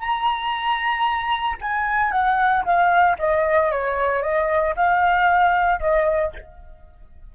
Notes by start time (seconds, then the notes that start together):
0.00 A#5
1.61 G#5
2.12 F#5
2.65 F5
3.19 D#5
3.72 C#5
4.23 D#5
4.76 F5
5.80 D#5